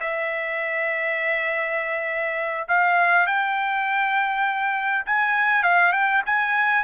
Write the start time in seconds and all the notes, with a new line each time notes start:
0.00 E5
2.68 F5
3.26 G5
5.06 G#5
5.63 F5
5.92 G5
6.26 G#5